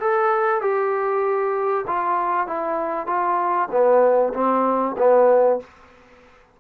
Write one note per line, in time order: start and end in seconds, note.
0.00 0.61 A4
0.61 1.85 G4
1.87 2.47 F4
2.47 3.07 E4
3.07 3.69 F4
3.71 4.33 B3
4.34 4.96 C4
4.98 5.60 B3